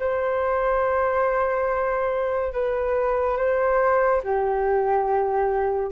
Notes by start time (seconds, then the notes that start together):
0.00 C5
2.53 B4
3.37 C5
4.24 G4